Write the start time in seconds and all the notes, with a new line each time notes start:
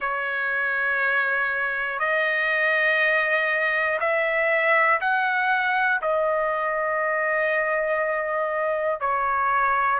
0.00 C#5
1.99 D#5
4.00 E5
5.00 F#5
6.01 D#5
9.00 C#5